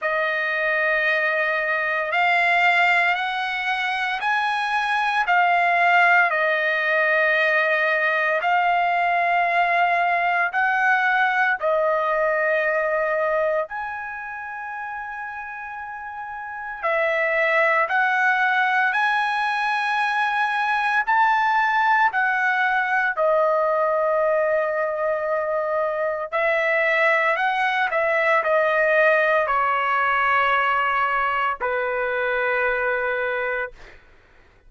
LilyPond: \new Staff \with { instrumentName = "trumpet" } { \time 4/4 \tempo 4 = 57 dis''2 f''4 fis''4 | gis''4 f''4 dis''2 | f''2 fis''4 dis''4~ | dis''4 gis''2. |
e''4 fis''4 gis''2 | a''4 fis''4 dis''2~ | dis''4 e''4 fis''8 e''8 dis''4 | cis''2 b'2 | }